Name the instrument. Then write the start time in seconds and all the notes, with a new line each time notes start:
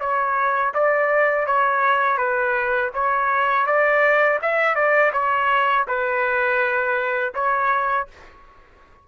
trumpet
0.00 C#5
0.74 D5
1.46 C#5
2.18 B4
2.94 C#5
3.66 D5
4.42 E5
4.75 D5
5.13 C#5
5.87 B4
7.35 C#5